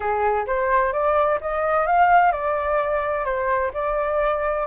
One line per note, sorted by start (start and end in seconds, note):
0.00 0.46 G#4
0.46 0.92 C5
0.92 1.39 D5
1.40 1.86 D#5
1.86 2.32 F5
2.32 3.24 D5
3.24 3.71 C5
3.73 4.66 D5